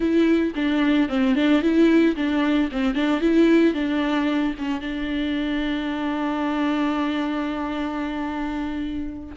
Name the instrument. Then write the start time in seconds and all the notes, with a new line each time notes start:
viola
0.00 E4
0.55 D4
1.09 C4
1.35 D4
1.62 E4
2.16 D4
2.71 C4
2.94 D4
3.20 E4
3.74 D4
4.58 C#4
4.80 D4